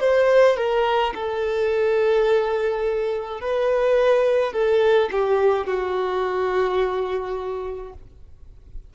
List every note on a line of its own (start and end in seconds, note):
0.00 0.57 C5
0.57 1.14 A#4
1.14 3.41 A4
3.41 4.53 B4
4.53 5.09 A4
5.11 5.67 G4
5.67 7.93 F#4